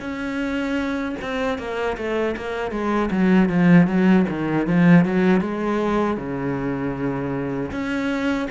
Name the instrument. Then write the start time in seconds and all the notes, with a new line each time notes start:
cello
0.00 C#4
1.21 C4
1.58 A#3
1.97 A3
2.36 A#3
2.71 G#3
3.10 F#3
3.49 F3
3.87 F#3
4.29 D#3
4.66 F3
5.05 F#3
5.41 G#3
6.17 C#3
7.71 C#4